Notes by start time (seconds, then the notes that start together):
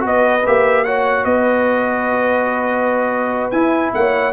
0.00 B3 F#4 B4
0.06 D#5
0.46 A#3 G4 E5
0.84 F#4 C#5 F#5
1.24 B3 B4 D#5
3.51 E4 G#5
3.94 A#3 C#5 F#5